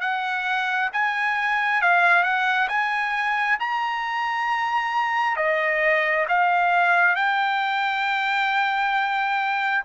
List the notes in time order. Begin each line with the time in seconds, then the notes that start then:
0.00 F#5
0.92 G#5
1.81 F5
2.23 F#5
2.68 G#5
3.59 A#5
5.36 D#5
6.28 F5
7.15 G5